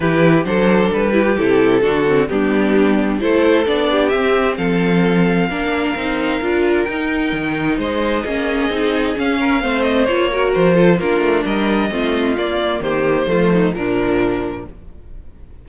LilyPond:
<<
  \new Staff \with { instrumentName = "violin" } { \time 4/4 \tempo 4 = 131 b'4 c''4 b'4 a'4~ | a'4 g'2 c''4 | d''4 e''4 f''2~ | f''2. g''4~ |
g''4 dis''2. | f''4. dis''8 cis''4 c''4 | ais'4 dis''2 d''4 | c''2 ais'2 | }
  \new Staff \with { instrumentName = "violin" } { \time 4/4 g'4 a'4. g'4. | fis'4 d'2 a'4~ | a'8 g'4. a'2 | ais'1~ |
ais'4 c''4 gis'2~ | gis'8 ais'8 c''4. ais'4 a'8 | f'4 ais'4 f'2 | g'4 f'8 dis'8 d'2 | }
  \new Staff \with { instrumentName = "viola" } { \time 4/4 e'4 d'4. e'16 f'16 e'4 | d'8 c'8 b2 e'4 | d'4 c'2. | d'4 dis'4 f'4 dis'4~ |
dis'2 cis'4 dis'4 | cis'4 c'4 f'8 fis'4 f'8 | d'2 c'4 ais4~ | ais4 a4 f2 | }
  \new Staff \with { instrumentName = "cello" } { \time 4/4 e4 fis4 g4 c4 | d4 g2 a4 | b4 c'4 f2 | ais4 c'4 d'4 dis'4 |
dis4 gis4 ais4 c'4 | cis'4 a4 ais4 f4 | ais8 a8 g4 a4 ais4 | dis4 f4 ais,2 | }
>>